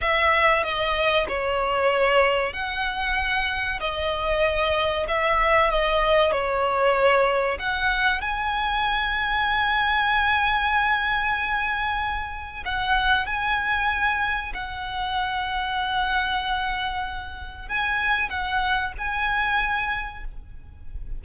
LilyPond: \new Staff \with { instrumentName = "violin" } { \time 4/4 \tempo 4 = 95 e''4 dis''4 cis''2 | fis''2 dis''2 | e''4 dis''4 cis''2 | fis''4 gis''2.~ |
gis''1 | fis''4 gis''2 fis''4~ | fis''1 | gis''4 fis''4 gis''2 | }